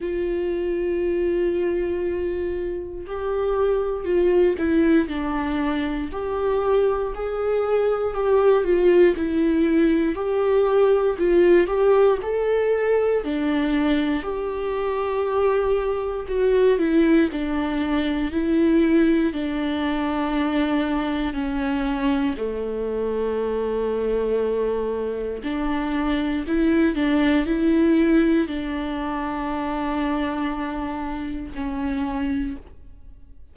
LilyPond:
\new Staff \with { instrumentName = "viola" } { \time 4/4 \tempo 4 = 59 f'2. g'4 | f'8 e'8 d'4 g'4 gis'4 | g'8 f'8 e'4 g'4 f'8 g'8 | a'4 d'4 g'2 |
fis'8 e'8 d'4 e'4 d'4~ | d'4 cis'4 a2~ | a4 d'4 e'8 d'8 e'4 | d'2. cis'4 | }